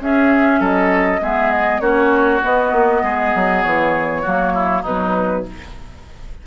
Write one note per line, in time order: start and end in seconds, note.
0.00 0.60 C#4
0.00 1.21 C#4
0.00 0.60 G#4
0.00 0.63 E5
0.60 1.20 F#3
0.60 1.20 A4
0.60 1.23 D#5
1.21 1.80 G#3
1.21 1.81 B3
1.21 1.81 G#4
1.21 1.52 E5
1.52 1.80 D#5
1.80 2.41 A#3
1.80 2.41 C#4
1.80 3.02 F#4
1.80 2.41 C#5
2.43 4.25 B3
2.43 2.72 B3
2.43 3.62 D#5
2.72 3.02 A#3
3.02 3.33 G#3
3.02 4.22 G#4
3.35 3.65 F#3
3.62 4.26 E3
3.62 4.83 C#5
4.22 4.84 F#3
4.22 4.85 A#3
4.22 4.52 F#4
4.54 4.82 E4
4.82 5.45 B2
4.82 5.46 F#3
4.82 5.42 D#4
4.82 5.46 B4